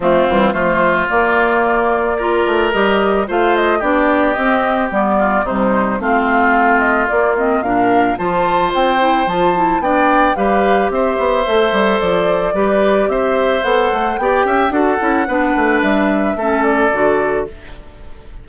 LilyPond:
<<
  \new Staff \with { instrumentName = "flute" } { \time 4/4 \tempo 4 = 110 f'4 c''4 d''2~ | d''4 dis''4 f''8 dis''8 d''4 | dis''4 d''4 c''4 f''4~ | f''8 dis''8 d''8 dis''8 f''4 a''4 |
g''4 a''4 g''4 f''4 | e''2 d''2 | e''4 fis''4 g''4 fis''4~ | fis''4 e''4. d''4. | }
  \new Staff \with { instrumentName = "oboe" } { \time 4/4 c'4 f'2. | ais'2 c''4 g'4~ | g'4. f'8 dis'4 f'4~ | f'2 ais'4 c''4~ |
c''2 d''4 b'4 | c''2. b'4 | c''2 d''8 e''8 a'4 | b'2 a'2 | }
  \new Staff \with { instrumentName = "clarinet" } { \time 4/4 a8 g8 a4 ais2 | f'4 g'4 f'4 d'4 | c'4 b4 g4 c'4~ | c'4 ais8 c'8 d'4 f'4~ |
f'8 e'8 f'8 e'8 d'4 g'4~ | g'4 a'2 g'4~ | g'4 a'4 g'4 fis'8 e'8 | d'2 cis'4 fis'4 | }
  \new Staff \with { instrumentName = "bassoon" } { \time 4/4 f8 e8 f4 ais2~ | ais8 a8 g4 a4 b4 | c'4 g4 c4 a4~ | a4 ais4 ais,4 f4 |
c'4 f4 b4 g4 | c'8 b8 a8 g8 f4 g4 | c'4 b8 a8 b8 cis'8 d'8 cis'8 | b8 a8 g4 a4 d4 | }
>>